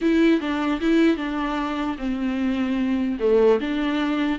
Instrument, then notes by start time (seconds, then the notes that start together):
viola
0.01 E4
0.40 D4
0.80 E4
1.16 D4
1.98 C4
3.19 A3
3.60 D4